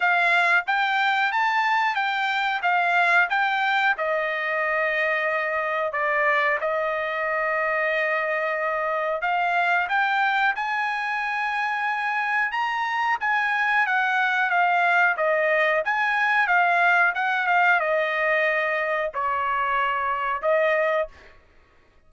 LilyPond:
\new Staff \with { instrumentName = "trumpet" } { \time 4/4 \tempo 4 = 91 f''4 g''4 a''4 g''4 | f''4 g''4 dis''2~ | dis''4 d''4 dis''2~ | dis''2 f''4 g''4 |
gis''2. ais''4 | gis''4 fis''4 f''4 dis''4 | gis''4 f''4 fis''8 f''8 dis''4~ | dis''4 cis''2 dis''4 | }